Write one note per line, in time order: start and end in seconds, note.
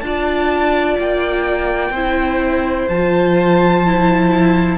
0.00 0.97 D4
0.00 1.94 F4
0.00 1.91 D5
0.00 0.95 A5
0.99 1.90 A#3
0.99 2.88 G5
1.90 2.85 C4
1.90 2.90 E4
1.90 4.77 C5
2.88 4.78 F3
2.88 3.85 F4
2.88 4.78 A5
3.85 4.78 E4